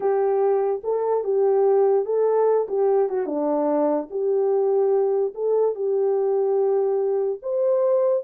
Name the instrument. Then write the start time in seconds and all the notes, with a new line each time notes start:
horn
0.00 G4
0.83 A4
1.24 G4
2.05 A4
2.68 G4
3.09 F#4
3.26 D4
4.10 G4
5.34 A4
5.75 G4
7.42 C5